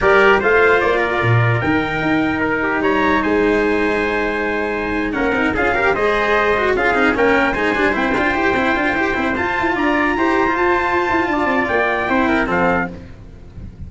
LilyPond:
<<
  \new Staff \with { instrumentName = "trumpet" } { \time 4/4 \tempo 4 = 149 d''4 f''4 d''2 | g''2 ais'4 ais''4 | gis''1~ | gis''8. fis''4 f''4 dis''4~ dis''16~ |
dis''8. f''4 g''4 gis''4 g''16~ | g''2.~ g''16 a''8.~ | a''16 ais''2 a''4.~ a''16~ | a''4 g''2 f''4 | }
  \new Staff \with { instrumentName = "trumpet" } { \time 4/4 ais'4 c''4. ais'4.~ | ais'2~ ais'8 g'8 cis''4 | c''1~ | c''8. ais'4 gis'8 ais'8 c''4~ c''16~ |
c''8. gis'4 ais'4 c''4~ c''16~ | c''1~ | c''16 d''4 c''2~ c''8. | d''2 c''8 ais'8 a'4 | }
  \new Staff \with { instrumentName = "cello" } { \time 4/4 g'4 f'2. | dis'1~ | dis'1~ | dis'8. cis'8 dis'8 f'8 g'8 gis'4~ gis'16~ |
gis'16 fis'8 f'8 dis'8 cis'4 dis'8 d'8 e'16~ | e'16 f'8 g'8 e'8 f'8 g'8 e'8 f'8.~ | f'4~ f'16 g'8. f'2~ | f'2 e'4 c'4 | }
  \new Staff \with { instrumentName = "tuba" } { \time 4/4 g4 a4 ais4 ais,4 | dis4 dis'2 g4 | gis1~ | gis8. ais8 c'8 cis'4 gis4~ gis16~ |
gis8. cis'8 c'8 ais4 gis8 g8 c'16~ | c'16 d'8 e'8 c'8 d'8 e'8 c'8 f'8 e'16~ | e'16 d'4 e'4 f'4~ f'16 e'8 | d'8 c'8 ais4 c'4 f4 | }
>>